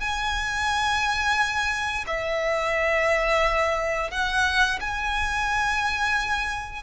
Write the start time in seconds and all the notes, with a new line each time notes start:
0.00 G#5
2.07 E5
4.11 F#5
4.80 G#5